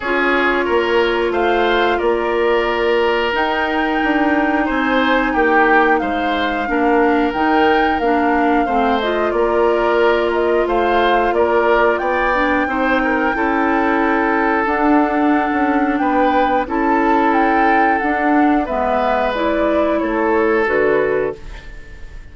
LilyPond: <<
  \new Staff \with { instrumentName = "flute" } { \time 4/4 \tempo 4 = 90 cis''2 f''4 d''4~ | d''4 g''2 gis''4 | g''4 f''2 g''4 | f''4. dis''8 d''4. dis''8 |
f''4 d''4 g''2~ | g''2 fis''2 | g''4 a''4 g''4 fis''4 | e''4 d''4 cis''4 b'4 | }
  \new Staff \with { instrumentName = "oboe" } { \time 4/4 gis'4 ais'4 c''4 ais'4~ | ais'2. c''4 | g'4 c''4 ais'2~ | ais'4 c''4 ais'2 |
c''4 ais'4 d''4 c''8 ais'8 | a'1 | b'4 a'2. | b'2 a'2 | }
  \new Staff \with { instrumentName = "clarinet" } { \time 4/4 f'1~ | f'4 dis'2.~ | dis'2 d'4 dis'4 | d'4 c'8 f'2~ f'8~ |
f'2~ f'8 d'8 dis'4 | e'2 d'2~ | d'4 e'2 d'4 | b4 e'2 fis'4 | }
  \new Staff \with { instrumentName = "bassoon" } { \time 4/4 cis'4 ais4 a4 ais4~ | ais4 dis'4 d'4 c'4 | ais4 gis4 ais4 dis4 | ais4 a4 ais2 |
a4 ais4 b4 c'4 | cis'2 d'4~ d'16 cis'8. | b4 cis'2 d'4 | gis2 a4 d4 | }
>>